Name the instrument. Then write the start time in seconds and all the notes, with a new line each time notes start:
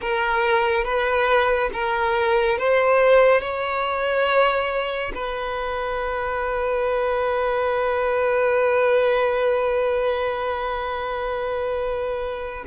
violin
0.01 A#4
0.84 B4
1.73 A#4
2.58 C5
3.41 C#5
5.14 B4